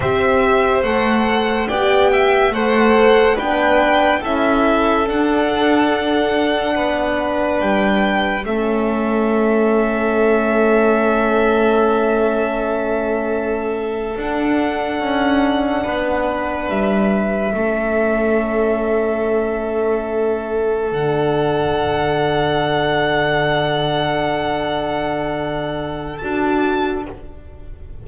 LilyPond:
<<
  \new Staff \with { instrumentName = "violin" } { \time 4/4 \tempo 4 = 71 e''4 fis''4 g''4 fis''4 | g''4 e''4 fis''2~ | fis''4 g''4 e''2~ | e''1~ |
e''8. fis''2. e''16~ | e''1~ | e''8. fis''2.~ fis''16~ | fis''2. a''4 | }
  \new Staff \with { instrumentName = "violin" } { \time 4/4 c''2 d''8 e''8 c''4 | b'4 a'2. | b'2 a'2~ | a'1~ |
a'2~ a'8. b'4~ b'16~ | b'8. a'2.~ a'16~ | a'1~ | a'1 | }
  \new Staff \with { instrumentName = "horn" } { \time 4/4 g'4 a'4 g'4 a'4 | d'4 e'4 d'2~ | d'2 cis'2~ | cis'1~ |
cis'8. d'2.~ d'16~ | d'8. cis'2.~ cis'16~ | cis'8. d'2.~ d'16~ | d'2. fis'4 | }
  \new Staff \with { instrumentName = "double bass" } { \time 4/4 c'4 a4 b4 a4 | b4 cis'4 d'2 | b4 g4 a2~ | a1~ |
a8. d'4 cis'4 b4 g16~ | g8. a2.~ a16~ | a8. d2.~ d16~ | d2. d'4 | }
>>